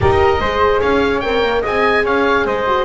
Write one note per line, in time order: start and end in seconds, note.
0.00 0.40 D#4
0.00 0.41 G4
0.00 0.40 A#4
0.00 0.81 D#5
0.40 0.80 G#3
0.40 1.22 G#4
0.40 0.80 C5
0.80 1.23 C#4
0.80 1.61 C#5
0.80 1.20 F5
1.20 1.42 C4
1.20 1.62 A#4
1.20 1.61 G5
1.42 1.62 A#3
1.61 2.05 C4
1.61 2.64 G#4
1.61 2.02 D#5
1.61 2.05 G#5
2.04 2.45 C#4
2.04 2.45 C#5
2.04 2.46 F5
2.45 2.84 G#3
2.45 2.84 C5
2.45 2.84 D#5
2.66 2.84 F#4